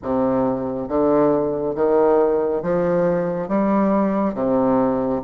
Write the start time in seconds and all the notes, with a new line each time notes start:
0.02 C3
0.88 D3
1.75 D#3
2.62 F3
3.48 G3
4.34 C3